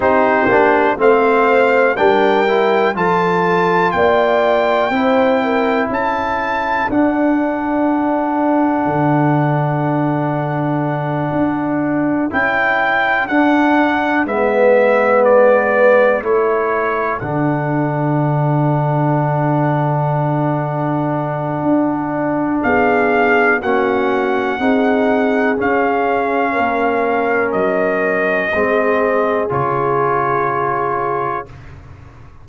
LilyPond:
<<
  \new Staff \with { instrumentName = "trumpet" } { \time 4/4 \tempo 4 = 61 c''4 f''4 g''4 a''4 | g''2 a''4 fis''4~ | fis''1~ | fis''8 g''4 fis''4 e''4 d''8~ |
d''8 cis''4 fis''2~ fis''8~ | fis''2. f''4 | fis''2 f''2 | dis''2 cis''2 | }
  \new Staff \with { instrumentName = "horn" } { \time 4/4 g'4 c''4 ais'4 a'4 | d''4 c''8 ais'8 a'2~ | a'1~ | a'2~ a'8 b'4.~ |
b'8 a'2.~ a'8~ | a'2. gis'4 | fis'4 gis'2 ais'4~ | ais'4 gis'2. | }
  \new Staff \with { instrumentName = "trombone" } { \time 4/4 dis'8 d'8 c'4 d'8 e'8 f'4~ | f'4 e'2 d'4~ | d'1~ | d'8 e'4 d'4 b4.~ |
b8 e'4 d'2~ d'8~ | d'1 | cis'4 dis'4 cis'2~ | cis'4 c'4 f'2 | }
  \new Staff \with { instrumentName = "tuba" } { \time 4/4 c'8 ais8 a4 g4 f4 | ais4 c'4 cis'4 d'4~ | d'4 d2~ d8 d'8~ | d'8 cis'4 d'4 gis4.~ |
gis8 a4 d2~ d8~ | d2 d'4 b4 | ais4 c'4 cis'4 ais4 | fis4 gis4 cis2 | }
>>